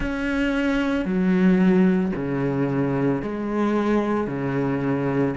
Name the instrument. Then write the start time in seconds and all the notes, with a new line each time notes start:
cello
0.00 C#4
1.05 F#3
2.15 C#3
3.21 G#3
4.27 C#3